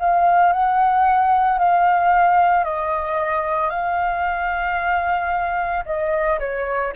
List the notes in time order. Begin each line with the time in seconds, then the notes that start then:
0.00 F5
0.53 F#5
1.59 F5
2.64 D#5
3.70 F5
5.86 D#5
6.40 C#5